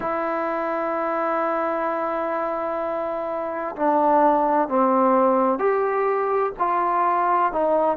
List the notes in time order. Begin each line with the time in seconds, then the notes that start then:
0.00 E4
3.76 D4
4.68 C4
5.58 G4
6.58 F4
7.52 D#4